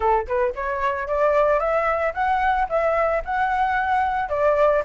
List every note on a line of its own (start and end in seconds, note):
0.00 0.27 A4
0.27 0.54 B4
0.55 1.07 C#5
1.07 1.59 D5
1.59 2.13 E5
2.14 2.67 F#5
2.69 3.22 E5
3.24 4.29 F#5
4.29 4.82 D5